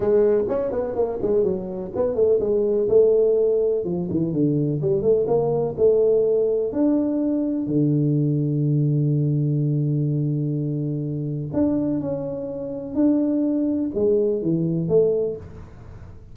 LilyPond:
\new Staff \with { instrumentName = "tuba" } { \time 4/4 \tempo 4 = 125 gis4 cis'8 b8 ais8 gis8 fis4 | b8 a8 gis4 a2 | f8 e8 d4 g8 a8 ais4 | a2 d'2 |
d1~ | d1 | d'4 cis'2 d'4~ | d'4 gis4 e4 a4 | }